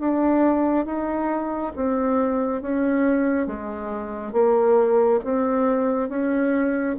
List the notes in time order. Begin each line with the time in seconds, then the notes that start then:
0.00 D4
0.85 D#4
1.76 C4
2.62 C#4
3.47 G#3
4.33 A#3
5.24 C4
6.09 C#4